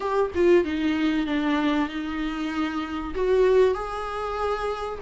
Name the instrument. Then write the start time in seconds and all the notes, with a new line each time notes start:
viola
0.00 G4
0.34 F4
0.64 D#4
1.26 D4
1.89 D#4
3.14 F#4
3.74 G#4